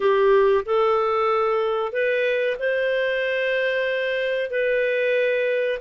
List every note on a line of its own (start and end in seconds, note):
0.00 0.64 G4
0.65 1.92 A4
1.92 2.56 B4
2.59 4.50 C5
4.50 5.79 B4